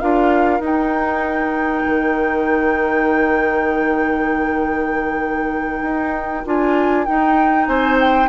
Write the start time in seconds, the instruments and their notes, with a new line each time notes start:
0.00 bassoon D4, clarinet F4, oboe A#4, flute F5
0.60 bassoon D#4, clarinet D#4, flute G5
1.85 bassoon D#3
5.81 bassoon D#4
6.45 bassoon D4, clarinet F4, flute G#5
7.05 clarinet D#4, bassoon D#4, flute G5
7.66 bassoon C4, oboe C5, flute G#5
8.00 flute G5